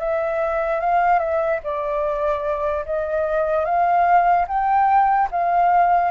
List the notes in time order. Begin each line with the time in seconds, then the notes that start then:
0.00 E5
0.81 F5
1.19 E5
1.64 D5
2.86 D#5
3.65 F5
4.48 G5
5.31 F5